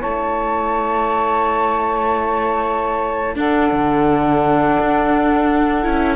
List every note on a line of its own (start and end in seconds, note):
0.00 3.36 A3
0.00 3.35 E4
0.00 3.35 C#5
0.00 3.38 A5
3.35 5.82 D4
3.35 3.71 D4
3.35 6.16 A4
3.35 6.16 F#5
3.72 4.78 D3
4.80 5.86 D4
5.83 6.16 C#4
5.83 6.16 E4